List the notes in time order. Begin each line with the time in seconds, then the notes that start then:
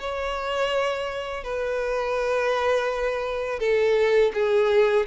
0.00 C#5
1.44 B4
3.60 A4
4.34 G#4